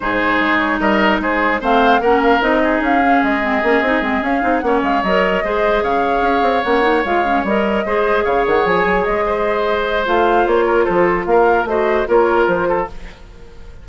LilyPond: <<
  \new Staff \with { instrumentName = "flute" } { \time 4/4 \tempo 4 = 149 c''4. cis''8 dis''4 c''4 | f''4 fis''8 f''8 dis''4 f''4 | dis''2~ dis''8 f''4 fis''8 | f''8 dis''2 f''4.~ |
f''8 fis''4 f''4 dis''4.~ | dis''8 f''8 fis''8 gis''4 dis''4.~ | dis''4 f''4 cis''4 c''4 | f''4 dis''4 cis''4 c''4 | }
  \new Staff \with { instrumentName = "oboe" } { \time 4/4 gis'2 ais'4 gis'4 | c''4 ais'4. gis'4.~ | gis'2.~ gis'8 cis''8~ | cis''4. c''4 cis''4.~ |
cis''2.~ cis''8 c''8~ | c''8 cis''2~ cis''8 c''4~ | c''2~ c''8 ais'8 a'4 | ais'4 c''4 ais'4. a'8 | }
  \new Staff \with { instrumentName = "clarinet" } { \time 4/4 dis'1 | c'4 cis'4 dis'4. cis'8~ | cis'8 c'8 cis'8 dis'8 c'8 cis'8 dis'8 cis'8~ | cis'8 ais'4 gis'2~ gis'8~ |
gis'8 cis'8 dis'8 f'8 cis'8 ais'4 gis'8~ | gis'1~ | gis'4 f'2.~ | f'4 fis'4 f'2 | }
  \new Staff \with { instrumentName = "bassoon" } { \time 4/4 gis,4 gis4 g4 gis4 | a4 ais4 c'4 cis'4 | gis4 ais8 c'8 gis8 cis'8 c'8 ais8 | gis8 fis4 gis4 cis4 cis'8 |
c'8 ais4 gis4 g4 gis8~ | gis8 cis8 dis8 f8 fis8 gis4.~ | gis4 a4 ais4 f4 | ais4 a4 ais4 f4 | }
>>